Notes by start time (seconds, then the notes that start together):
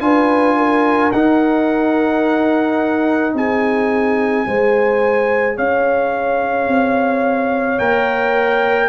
0.00 D4 F4 B4 G#5
0.56 A#4
1.12 D#4 F#5
3.34 C4 G#4 G#5
4.47 G#3 G#4 C5
5.56 C#4 C#5 F5
6.67 C4
7.78 A#3 A#4 G5